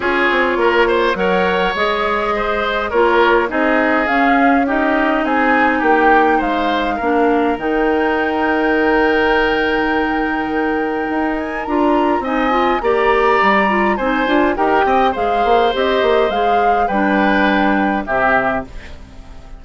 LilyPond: <<
  \new Staff \with { instrumentName = "flute" } { \time 4/4 \tempo 4 = 103 cis''2 fis''4 dis''4~ | dis''4 cis''4 dis''4 f''4 | dis''4 gis''4 g''4 f''4~ | f''4 g''2.~ |
g''2.~ g''8 gis''8 | ais''4 gis''4 ais''2 | gis''4 g''4 f''4 dis''4 | f''4 g''2 e''4 | }
  \new Staff \with { instrumentName = "oboe" } { \time 4/4 gis'4 ais'8 c''8 cis''2 | c''4 ais'4 gis'2 | g'4 gis'4 g'4 c''4 | ais'1~ |
ais'1~ | ais'4 dis''4 d''2 | c''4 ais'8 dis''8 c''2~ | c''4 b'2 g'4 | }
  \new Staff \with { instrumentName = "clarinet" } { \time 4/4 f'2 ais'4 gis'4~ | gis'4 f'4 dis'4 cis'4 | dis'1 | d'4 dis'2.~ |
dis'1 | f'4 dis'8 f'8 g'4. f'8 | dis'8 f'8 g'4 gis'4 g'4 | gis'4 d'2 c'4 | }
  \new Staff \with { instrumentName = "bassoon" } { \time 4/4 cis'8 c'8 ais4 fis4 gis4~ | gis4 ais4 c'4 cis'4~ | cis'4 c'4 ais4 gis4 | ais4 dis2.~ |
dis2. dis'4 | d'4 c'4 ais4 g4 | c'8 d'8 dis'8 c'8 gis8 ais8 c'8 ais8 | gis4 g2 c4 | }
>>